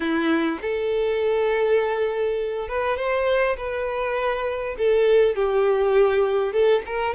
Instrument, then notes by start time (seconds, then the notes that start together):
violin
0.00 E4
0.61 A4
2.68 B4
2.97 C5
3.57 B4
4.77 A4
5.35 G4
6.52 A4
6.86 A#4